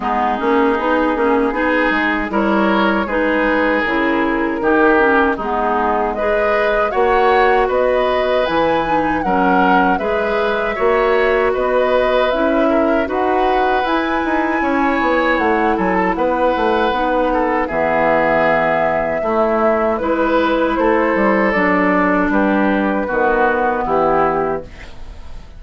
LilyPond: <<
  \new Staff \with { instrumentName = "flute" } { \time 4/4 \tempo 4 = 78 gis'2. cis''4 | b'4 ais'2 gis'4 | dis''4 fis''4 dis''4 gis''4 | fis''4 e''2 dis''4 |
e''4 fis''4 gis''2 | fis''8 gis''16 a''16 fis''2 e''4~ | e''2 b'4 c''4 | d''4 b'2 g'4 | }
  \new Staff \with { instrumentName = "oboe" } { \time 4/4 dis'2 gis'4 ais'4 | gis'2 g'4 dis'4 | b'4 cis''4 b'2 | ais'4 b'4 cis''4 b'4~ |
b'8 ais'8 b'2 cis''4~ | cis''8 a'8 b'4. a'8 gis'4~ | gis'4 e'4 b'4 a'4~ | a'4 g'4 fis'4 e'4 | }
  \new Staff \with { instrumentName = "clarinet" } { \time 4/4 b8 cis'8 dis'8 cis'8 dis'4 e'4 | dis'4 e'4 dis'8 cis'8 b4 | gis'4 fis'2 e'8 dis'8 | cis'4 gis'4 fis'2 |
e'4 fis'4 e'2~ | e'2 dis'4 b4~ | b4 a4 e'2 | d'2 b2 | }
  \new Staff \with { instrumentName = "bassoon" } { \time 4/4 gis8 ais8 b8 ais8 b8 gis8 g4 | gis4 cis4 dis4 gis4~ | gis4 ais4 b4 e4 | fis4 gis4 ais4 b4 |
cis'4 dis'4 e'8 dis'8 cis'8 b8 | a8 fis8 b8 a8 b4 e4~ | e4 a4 gis4 a8 g8 | fis4 g4 dis4 e4 | }
>>